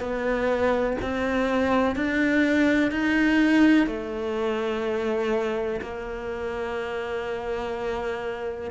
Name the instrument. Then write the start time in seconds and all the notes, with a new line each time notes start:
cello
0.00 B3
1.02 C4
1.95 D4
2.91 D#4
3.87 A3
5.82 A#3